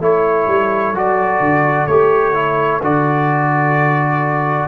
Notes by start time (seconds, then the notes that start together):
0.00 A3 E4 A4 C#5
0.47 G3
0.93 F#3 F#4 D5
1.40 D3
1.87 A3 G4 C#5
2.34 E4
2.81 D3 F#4 D5